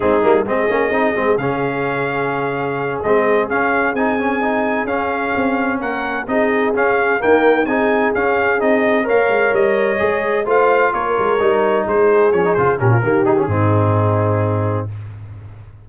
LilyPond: <<
  \new Staff \with { instrumentName = "trumpet" } { \time 4/4 \tempo 4 = 129 gis'4 dis''2 f''4~ | f''2~ f''8 dis''4 f''8~ | f''8 gis''2 f''4.~ | f''8 fis''4 dis''4 f''4 g''8~ |
g''8 gis''4 f''4 dis''4 f''8~ | f''8 dis''2 f''4 cis''8~ | cis''4. c''4 cis''8 c''8 ais'8~ | ais'8 gis'2.~ gis'8 | }
  \new Staff \with { instrumentName = "horn" } { \time 4/4 dis'4 gis'2.~ | gis'1~ | gis'1~ | gis'8 ais'4 gis'2 ais'8~ |
ais'8 gis'2. cis''8~ | cis''2~ cis''8 c''4 ais'8~ | ais'4. gis'2 g'16 f'16 | g'4 dis'2. | }
  \new Staff \with { instrumentName = "trombone" } { \time 4/4 c'8 ais8 c'8 cis'8 dis'8 c'8 cis'4~ | cis'2~ cis'8 c'4 cis'8~ | cis'8 dis'8 cis'8 dis'4 cis'4.~ | cis'4. dis'4 cis'4 ais8~ |
ais8 dis'4 cis'4 dis'4 ais'8~ | ais'4. gis'4 f'4.~ | f'8 dis'2 cis'16 dis'16 f'8 cis'8 | ais8 dis'16 cis'16 c'2. | }
  \new Staff \with { instrumentName = "tuba" } { \time 4/4 gis8 g8 gis8 ais8 c'8 gis8 cis4~ | cis2~ cis8 gis4 cis'8~ | cis'8 c'2 cis'4 c'8~ | c'8 ais4 c'4 cis'4 dis'8~ |
dis'8 c'4 cis'4 c'4 ais8 | gis8 g4 gis4 a4 ais8 | gis8 g4 gis4 f8 cis8 ais,8 | dis4 gis,2. | }
>>